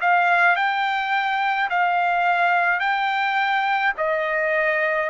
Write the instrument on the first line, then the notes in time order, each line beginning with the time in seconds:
trumpet
0.00 F5
0.55 G5
1.69 F5
2.79 G5
3.97 D#5